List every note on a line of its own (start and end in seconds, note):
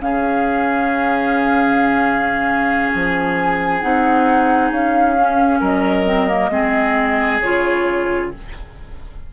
0.00 2.91 C#3
0.00 3.82 C#4
0.00 5.60 G#4
0.00 2.92 F5
2.93 3.83 F3
2.93 3.81 G#5
3.81 4.71 C4
3.81 5.16 D#4
3.81 4.71 F#5
4.71 5.60 C#4
4.71 5.61 F5
5.17 6.06 C#4
5.60 6.50 F#3
5.60 6.49 A#4
5.60 7.39 D#5
6.06 6.28 C4
6.28 6.50 A#3
6.50 7.39 G#3
6.50 7.41 C4
6.50 8.31 G#4
7.39 8.32 C#3
7.39 8.33 F4
7.39 8.29 C#5